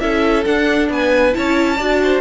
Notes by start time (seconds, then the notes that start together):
0.00 C#4 E4 A4 E5
0.45 D4 F#5
0.89 B3 B4 G#5
1.32 C#4 E4 C#5 A5
1.76 D4 F#4 D5
2.03 C5